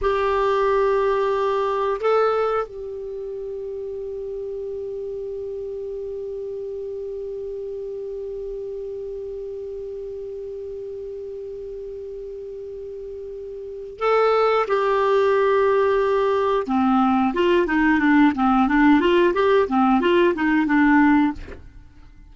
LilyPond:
\new Staff \with { instrumentName = "clarinet" } { \time 4/4 \tempo 4 = 90 g'2. a'4 | g'1~ | g'1~ | g'1~ |
g'1~ | g'4 a'4 g'2~ | g'4 c'4 f'8 dis'8 d'8 c'8 | d'8 f'8 g'8 c'8 f'8 dis'8 d'4 | }